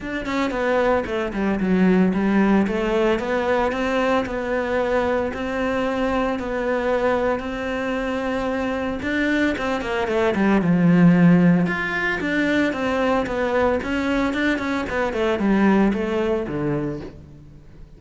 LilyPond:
\new Staff \with { instrumentName = "cello" } { \time 4/4 \tempo 4 = 113 d'8 cis'8 b4 a8 g8 fis4 | g4 a4 b4 c'4 | b2 c'2 | b2 c'2~ |
c'4 d'4 c'8 ais8 a8 g8 | f2 f'4 d'4 | c'4 b4 cis'4 d'8 cis'8 | b8 a8 g4 a4 d4 | }